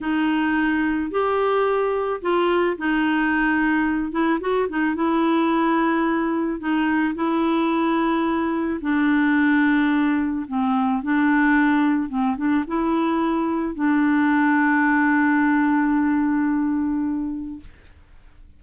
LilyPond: \new Staff \with { instrumentName = "clarinet" } { \time 4/4 \tempo 4 = 109 dis'2 g'2 | f'4 dis'2~ dis'8 e'8 | fis'8 dis'8 e'2. | dis'4 e'2. |
d'2. c'4 | d'2 c'8 d'8 e'4~ | e'4 d'2.~ | d'1 | }